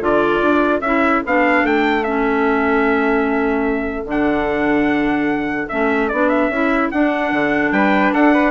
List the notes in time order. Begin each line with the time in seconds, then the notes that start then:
0.00 D3 F4 A4 D5
0.41 D4
0.80 C#4 E4 E5
1.25 B3 D4 F5
1.62 A3 G5
2.03 C#4 E5
4.04 D3 D4 F#5
5.68 A3 C#4 E5
6.08 B3 D4 D5
6.29 E5
6.48 C#4 E4
6.91 D4 F#5
7.32 D3
7.71 G3 B4 G5
8.13 D4 A4 F#5
8.33 B4